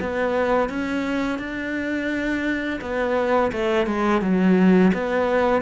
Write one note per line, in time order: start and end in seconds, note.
0.00 0.69 B3
0.69 1.38 C#4
1.38 2.79 D4
2.81 3.51 B3
3.52 3.86 A3
3.86 4.21 G#3
4.21 4.92 F#3
4.93 5.61 B3